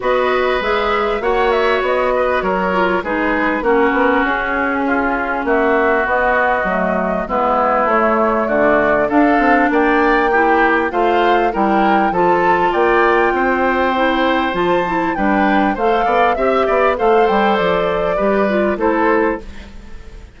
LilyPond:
<<
  \new Staff \with { instrumentName = "flute" } { \time 4/4 \tempo 4 = 99 dis''4 e''4 fis''8 e''8 dis''4 | cis''4 b'4 ais'4 gis'4~ | gis'4 e''4 dis''2 | b'4 cis''4 d''4 f''4 |
g''2 f''4 g''4 | a''4 g''2. | a''4 g''4 f''4 e''4 | f''8 g''8 d''2 c''4 | }
  \new Staff \with { instrumentName = "oboe" } { \time 4/4 b'2 cis''4. b'8 | ais'4 gis'4 fis'2 | f'4 fis'2. | e'2 fis'4 a'4 |
d''4 g'4 c''4 ais'4 | a'4 d''4 c''2~ | c''4 b'4 c''8 d''8 e''8 d''8 | c''2 b'4 a'4 | }
  \new Staff \with { instrumentName = "clarinet" } { \time 4/4 fis'4 gis'4 fis'2~ | fis'8 f'8 dis'4 cis'2~ | cis'2 b4 a4 | b4 a2 d'4~ |
d'4 e'4 f'4 e'4 | f'2. e'4 | f'8 e'8 d'4 a'4 g'4 | a'2 g'8 f'8 e'4 | }
  \new Staff \with { instrumentName = "bassoon" } { \time 4/4 b4 gis4 ais4 b4 | fis4 gis4 ais8 b8 cis'4~ | cis'4 ais4 b4 fis4 | gis4 a4 d4 d'8 c'8 |
ais2 a4 g4 | f4 ais4 c'2 | f4 g4 a8 b8 c'8 b8 | a8 g8 f4 g4 a4 | }
>>